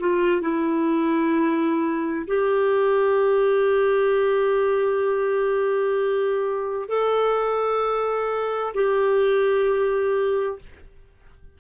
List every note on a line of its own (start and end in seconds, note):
0.00 0.42 F4
0.42 2.26 E4
2.27 6.89 G4
6.89 8.74 A4
8.74 10.59 G4